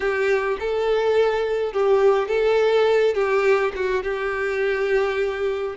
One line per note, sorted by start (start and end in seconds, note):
0.00 0.57 G4
0.59 1.73 A4
1.73 2.28 G4
2.28 3.14 A4
3.14 3.72 G4
3.75 4.03 F#4
4.03 5.76 G4